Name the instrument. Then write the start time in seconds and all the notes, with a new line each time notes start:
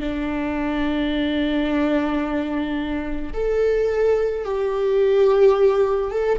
viola
0.00 D4
3.34 A4
4.44 G4
6.11 A4